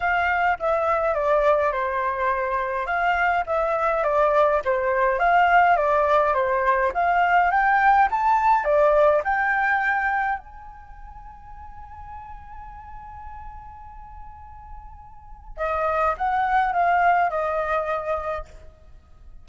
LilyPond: \new Staff \with { instrumentName = "flute" } { \time 4/4 \tempo 4 = 104 f''4 e''4 d''4 c''4~ | c''4 f''4 e''4 d''4 | c''4 f''4 d''4 c''4 | f''4 g''4 a''4 d''4 |
g''2 gis''2~ | gis''1~ | gis''2. dis''4 | fis''4 f''4 dis''2 | }